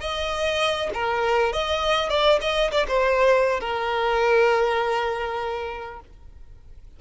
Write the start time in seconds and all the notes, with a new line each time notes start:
0.00 D#5
0.94 A#4
1.52 D#5
2.09 D5
2.41 D#5
2.71 D5
2.87 C5
3.60 A#4